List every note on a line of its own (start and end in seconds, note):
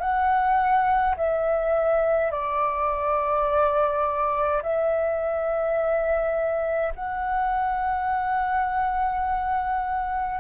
0.00 1.15 F#5
1.17 2.32 E5
2.32 4.63 D5
4.63 6.93 E5
6.95 10.41 F#5